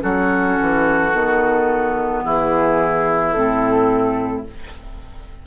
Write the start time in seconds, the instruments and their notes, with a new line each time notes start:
0.00 bassoon F#3, clarinet C#4, oboe F#4, flute A4
0.61 bassoon E3
1.13 bassoon D#3, clarinet B3
2.25 bassoon E3, oboe E4, flute G#4
3.32 bassoon A2, clarinet C4, flute A4